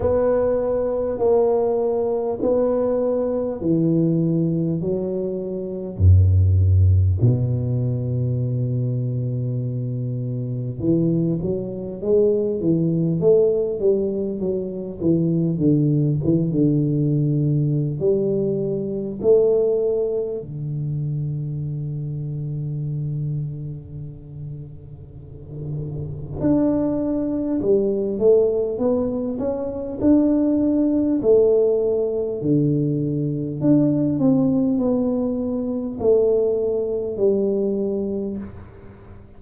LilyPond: \new Staff \with { instrumentName = "tuba" } { \time 4/4 \tempo 4 = 50 b4 ais4 b4 e4 | fis4 fis,4 b,2~ | b,4 e8 fis8 gis8 e8 a8 g8 | fis8 e8 d8 e16 d4~ d16 g4 |
a4 d2.~ | d2 d'4 g8 a8 | b8 cis'8 d'4 a4 d4 | d'8 c'8 b4 a4 g4 | }